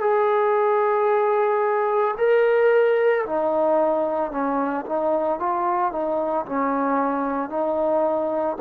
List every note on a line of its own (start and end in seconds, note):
0.00 2.14 G#4
2.18 3.25 A#4
3.26 4.31 D#4
4.31 4.85 C#4
4.86 5.39 D#4
5.39 5.92 F4
5.92 6.45 D#4
6.46 7.50 C#4
7.50 8.57 D#4